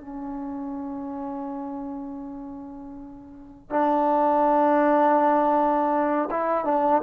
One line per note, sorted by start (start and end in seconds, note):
0.00 3.70 C#4
3.70 6.29 D4
6.31 6.65 E4
6.65 7.02 D4